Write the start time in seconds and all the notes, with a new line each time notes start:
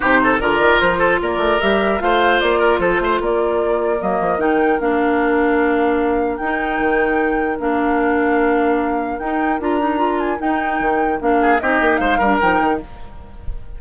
0.00 C3 D#4 G4 C5
0.23 A4
0.40 D3 F4 A#4 D5
0.59 D#3
0.80 F3 C5
0.99 A4
1.21 A#3 A#4 D5
1.37 A3
1.60 G3 G4 E5
1.99 A3 F4 C5 F5
2.40 A#3 D5
2.59 A#4
2.78 F3 A4 C5
2.99 A3 C5
3.20 A#3 A#4 D5
3.99 F#3 A#3 D#5
4.20 F3
4.37 D#3 D#4 G5
4.79 A#3 D4 F5
6.37 D#4 G5
6.79 D#3
7.58 A#3 D4 F5
9.19 D#4 G5
9.59 D4 F4 A#5
9.79 D#4
9.97 F4
10.19 G#5
10.38 D#4 G5
10.79 D#3
11.20 A#3 D4 F5
11.41 G#4
11.59 C4 D#4 G4 D#5
11.80 A#3
11.96 G#3 C5 F5
12.18 G3 D4 A#4
12.40 F3 D#4 G5
12.60 D#3